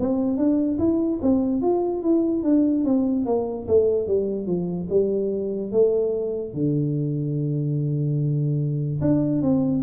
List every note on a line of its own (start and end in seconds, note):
0.00 0.37 C4
0.37 0.78 D4
0.79 1.20 E4
1.23 1.62 C4
1.62 2.03 F4
2.03 2.44 E4
2.44 2.85 D4
2.85 3.26 C4
3.26 3.67 A#3
3.68 4.08 A3
4.08 4.47 G3
4.47 4.88 F3
4.90 5.72 G3
5.72 6.54 A3
6.54 9.01 D3
9.02 9.43 D4
9.43 9.84 C4